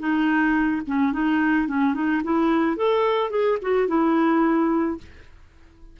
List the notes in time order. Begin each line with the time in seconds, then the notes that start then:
0.00 D#4
0.87 C#4
1.13 D#4
1.68 C#4
1.95 D#4
2.24 E4
2.77 A4
3.31 G#4
3.62 F#4
3.88 E4